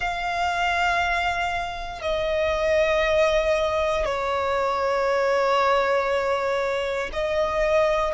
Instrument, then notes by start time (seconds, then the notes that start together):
violin
0.00 F5
2.01 D#5
4.04 C#5
7.12 D#5